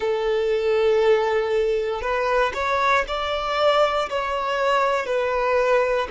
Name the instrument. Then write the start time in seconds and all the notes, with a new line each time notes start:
violin
0.00 A4
2.01 B4
2.54 C#5
3.07 D5
4.09 C#5
5.06 B4